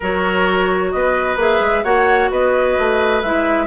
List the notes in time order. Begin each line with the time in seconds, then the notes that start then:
0.00 F#3 F#4 A#4 C#5
0.91 B3 B4 D#5
1.36 A#3 G#4 E5
1.60 G#3
1.83 A#3 F#4 C#5 F#5
2.30 B3 B4 D#5
2.78 A3
3.22 G#3 E4 E5